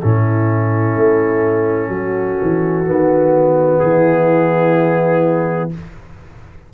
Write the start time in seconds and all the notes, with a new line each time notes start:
0.00 A2 C#4 E4 A4
0.96 A3
1.88 F#3 F#4
2.42 E3
2.85 D#3 B3
3.79 E3 E4 G#4